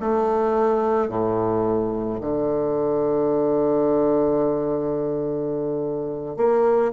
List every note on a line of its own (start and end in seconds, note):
0.00 1.09 A3
1.09 2.20 A2
2.20 6.36 D3
6.36 6.92 A#3